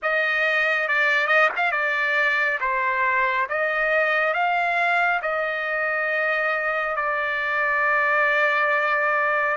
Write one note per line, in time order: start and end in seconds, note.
0.02 0.88 D#5
0.88 1.27 D5
1.27 1.49 D#5
1.56 1.72 F5
1.72 2.58 D5
2.60 3.47 C5
3.49 4.33 D#5
4.33 5.20 F5
5.22 6.96 D#5
6.96 9.57 D5